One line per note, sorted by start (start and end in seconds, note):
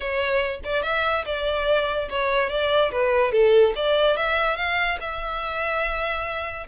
0.00 0.60 C#5
0.64 0.83 D5
0.83 1.24 E5
1.25 2.08 D5
2.09 2.49 C#5
2.49 2.91 D5
2.91 3.32 B4
3.32 3.73 A4
3.75 4.16 D5
4.16 4.56 E5
4.56 4.98 F5
5.00 6.66 E5